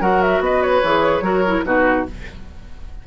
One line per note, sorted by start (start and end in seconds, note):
0.00 0.40 F#3
0.00 0.82 F#4
0.00 0.42 A#4
0.00 0.21 F#5
0.21 0.42 E5
0.40 0.81 B3
0.40 1.24 B4
0.40 0.62 D#5
0.62 1.65 C#5
0.83 1.21 E3
0.83 1.22 G#4
1.21 1.62 F#3
1.21 1.43 F#4
1.21 1.65 A#4
1.47 1.64 E4
1.64 2.06 B2
1.64 2.06 D#4
1.64 2.07 F#4
1.64 2.06 B4